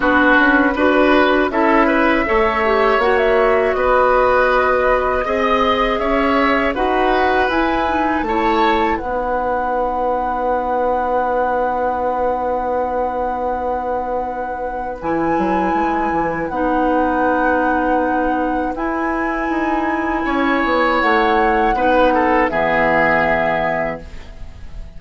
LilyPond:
<<
  \new Staff \with { instrumentName = "flute" } { \time 4/4 \tempo 4 = 80 b'2 e''2 | fis''16 e''8. dis''2. | e''4 fis''4 gis''4 a''4 | fis''1~ |
fis''1 | gis''2 fis''2~ | fis''4 gis''2. | fis''2 e''2 | }
  \new Staff \with { instrumentName = "oboe" } { \time 4/4 fis'4 b'4 a'8 b'8 cis''4~ | cis''4 b'2 dis''4 | cis''4 b'2 cis''4 | b'1~ |
b'1~ | b'1~ | b'2. cis''4~ | cis''4 b'8 a'8 gis'2 | }
  \new Staff \with { instrumentName = "clarinet" } { \time 4/4 d'4 fis'4 e'4 a'8 g'8 | fis'2. gis'4~ | gis'4 fis'4 e'8 dis'8 e'4 | dis'1~ |
dis'1 | e'2 dis'2~ | dis'4 e'2.~ | e'4 dis'4 b2 | }
  \new Staff \with { instrumentName = "bassoon" } { \time 4/4 b8 cis'8 d'4 cis'4 a4 | ais4 b2 c'4 | cis'4 dis'4 e'4 a4 | b1~ |
b1 | e8 fis8 gis8 e8 b2~ | b4 e'4 dis'4 cis'8 b8 | a4 b4 e2 | }
>>